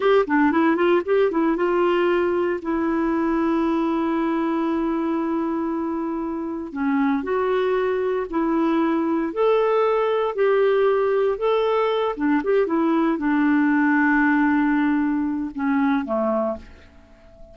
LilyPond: \new Staff \with { instrumentName = "clarinet" } { \time 4/4 \tempo 4 = 116 g'8 d'8 e'8 f'8 g'8 e'8 f'4~ | f'4 e'2.~ | e'1~ | e'4 cis'4 fis'2 |
e'2 a'2 | g'2 a'4. d'8 | g'8 e'4 d'2~ d'8~ | d'2 cis'4 a4 | }